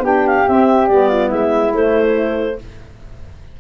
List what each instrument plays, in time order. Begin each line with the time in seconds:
0.00 tuba B3, saxophone D4, flute G4, clarinet G5
0.27 clarinet F5
0.47 saxophone C4, tuba C4, clarinet E5
0.87 tuba G3, saxophone B3, clarinet D5
1.09 flute F4
1.29 tuba G#3, flute E4, clarinet E5
1.73 tuba A3, saxophone A3, clarinet C5